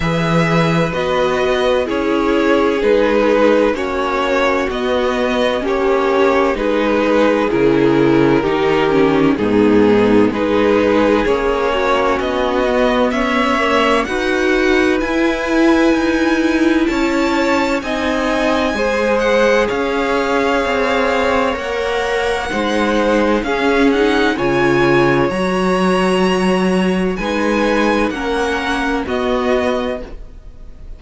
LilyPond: <<
  \new Staff \with { instrumentName = "violin" } { \time 4/4 \tempo 4 = 64 e''4 dis''4 cis''4 b'4 | cis''4 dis''4 cis''4 b'4 | ais'2 gis'4 b'4 | cis''4 dis''4 e''4 fis''4 |
gis''2 a''4 gis''4~ | gis''8 fis''8 f''2 fis''4~ | fis''4 f''8 fis''8 gis''4 ais''4~ | ais''4 gis''4 fis''4 dis''4 | }
  \new Staff \with { instrumentName = "violin" } { \time 4/4 b'2 gis'2 | fis'2 g'4 gis'4~ | gis'4 g'4 dis'4 gis'4~ | gis'8 fis'4. cis''4 b'4~ |
b'2 cis''4 dis''4 | c''4 cis''2. | c''4 gis'4 cis''2~ | cis''4 b'4 ais'4 fis'4 | }
  \new Staff \with { instrumentName = "viola" } { \time 4/4 gis'4 fis'4 e'4 dis'4 | cis'4 b4 cis'4 dis'4 | e'4 dis'8 cis'8 b4 dis'4 | cis'4. b4 ais8 fis'4 |
e'2. dis'4 | gis'2. ais'4 | dis'4 cis'8 dis'8 f'4 fis'4~ | fis'4 dis'4 cis'4 b4 | }
  \new Staff \with { instrumentName = "cello" } { \time 4/4 e4 b4 cis'4 gis4 | ais4 b4 ais4 gis4 | cis4 dis4 gis,4 gis4 | ais4 b4 cis'4 dis'4 |
e'4 dis'4 cis'4 c'4 | gis4 cis'4 c'4 ais4 | gis4 cis'4 cis4 fis4~ | fis4 gis4 ais4 b4 | }
>>